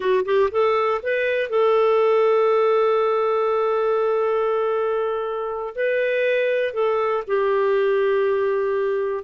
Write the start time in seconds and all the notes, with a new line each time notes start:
0.00 F#4
0.25 G4
0.51 A4
1.02 B4
1.49 A4
5.75 B4
6.73 A4
7.27 G4